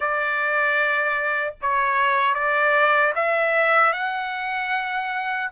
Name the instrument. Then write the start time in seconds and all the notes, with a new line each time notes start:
trumpet
0.00 D5
1.61 C#5
2.34 D5
3.15 E5
3.93 F#5